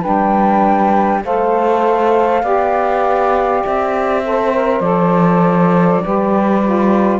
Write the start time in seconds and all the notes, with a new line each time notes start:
0.00 D4 B4 G5
0.06 G3
1.23 A3 A4 C5 F5
2.42 B3 G4 D5
3.65 C4 E5
4.24 A4 C5
4.52 A#4
4.80 F3 A4 D5
6.03 G3 G4 B4
6.64 F4